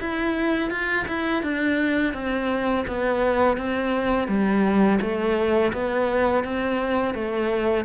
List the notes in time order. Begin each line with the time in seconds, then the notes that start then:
0.00 E4
0.70 F4
1.08 E4
1.43 D4
2.14 C4
2.87 B3
3.57 C4
4.28 G3
5.01 A3
5.73 B3
6.44 C4
7.15 A3